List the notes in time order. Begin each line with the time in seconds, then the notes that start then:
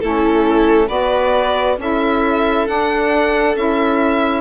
0.00 A3 C#4 E4 A4
0.88 B3 F#4 B4 D5
1.78 C#4 E4 A4 E5
2.67 D4 F#5
3.56 C#4 E4 E5